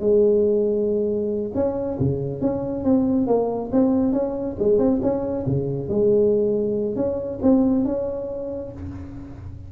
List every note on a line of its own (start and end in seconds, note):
0.00 1.52 G#3
1.55 1.98 C#4
1.99 2.41 C#3
2.41 2.84 C#4
2.84 3.27 C4
3.27 3.71 A#3
3.72 4.13 C4
4.13 4.57 C#4
4.59 4.79 G#3
4.79 5.01 C4
5.02 5.46 C#4
5.46 5.89 C#3
5.89 6.96 G#3
6.96 7.40 C#4
7.42 7.85 C4
7.85 8.72 C#4